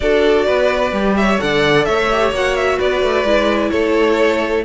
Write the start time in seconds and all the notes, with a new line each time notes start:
0.00 D4 F#4 A4 D5
0.45 B3 B4
0.91 G3 G4
1.16 C#5 E5
1.38 D3 A4 D5 F#5
1.84 A3 C#5 E5
2.12 G4
2.31 A#3 F#4 F#5
2.55 E5
2.77 B3 B4 D5
3.02 A3
3.24 G#3 E4
3.70 A3 A4 C#5